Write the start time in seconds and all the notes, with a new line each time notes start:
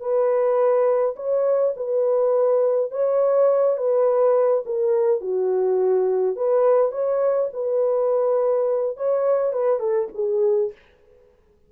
0.00 B4
1.16 C#5
1.77 B4
2.92 C#5
3.77 B4
4.66 A#4
5.21 F#4
6.36 B4
6.92 C#5
7.53 B4
8.97 C#5
9.53 B4
9.80 A4
10.15 G#4